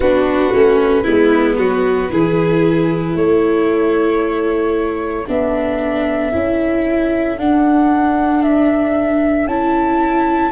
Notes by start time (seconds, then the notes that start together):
0.00 B3 D4 F#4 B4
0.53 A3 C#4
1.03 G#3 B3 E4
1.57 F#3 F#4
2.09 E3 E4 G#4
3.14 A3 A4 C#5
5.27 B3 D4 E5
6.32 C#4 E4
7.37 D4 F#5
8.42 E5
9.46 C#4 E4 A5